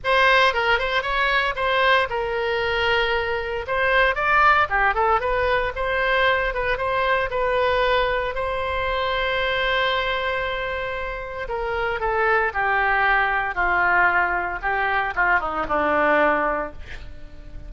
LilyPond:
\new Staff \with { instrumentName = "oboe" } { \time 4/4 \tempo 4 = 115 c''4 ais'8 c''8 cis''4 c''4 | ais'2. c''4 | d''4 g'8 a'8 b'4 c''4~ | c''8 b'8 c''4 b'2 |
c''1~ | c''2 ais'4 a'4 | g'2 f'2 | g'4 f'8 dis'8 d'2 | }